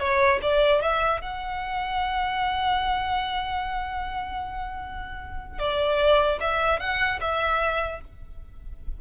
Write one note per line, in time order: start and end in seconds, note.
0.00 0.40 C#5
0.43 0.82 D5
0.82 1.21 E5
1.21 5.59 F#5
5.59 6.39 D5
6.41 6.80 E5
6.80 7.20 F#5
7.21 8.01 E5